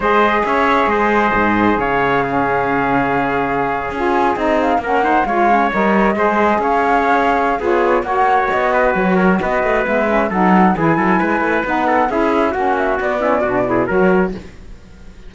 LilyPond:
<<
  \new Staff \with { instrumentName = "flute" } { \time 4/4 \tempo 4 = 134 dis''4 e''4 dis''2 | f''1~ | f''8. gis''4 dis''8 f''8 fis''4 f''16~ | f''8. dis''2 f''4~ f''16~ |
f''4 cis''4 fis''4 dis''4 | cis''4 dis''4 e''4 fis''4 | gis''2 fis''4 e''4 | fis''8 e''8 d''2 cis''4 | }
  \new Staff \with { instrumentName = "trumpet" } { \time 4/4 c''4 cis''4 c''2 | cis''4 gis'2.~ | gis'2~ gis'8. ais'8 c''8 cis''16~ | cis''4.~ cis''16 c''4 cis''4~ cis''16~ |
cis''4 gis'4 cis''4. b'8~ | b'8 ais'8 b'2 a'4 | gis'8 a'8 b'4. a'8 gis'4 | fis'4. e'8 fis'8 gis'8 ais'4 | }
  \new Staff \with { instrumentName = "saxophone" } { \time 4/4 gis'1~ | gis'4 cis'2.~ | cis'8. f'4 dis'4 cis'8 dis'8 f'16~ | f'16 cis'8 ais'4 gis'2~ gis'16~ |
gis'4 f'4 fis'2~ | fis'2 b8 cis'8 dis'4 | e'2 dis'4 e'4 | cis'4 b8 cis'8 d'8 e'8 fis'4 | }
  \new Staff \with { instrumentName = "cello" } { \time 4/4 gis4 cis'4 gis4 gis,4 | cis1~ | cis8. cis'4 c'4 ais4 gis16~ | gis8. g4 gis4 cis'4~ cis'16~ |
cis'4 b4 ais4 b4 | fis4 b8 a8 gis4 fis4 | e8 fis8 gis8 a8 b4 cis'4 | ais4 b4 b,4 fis4 | }
>>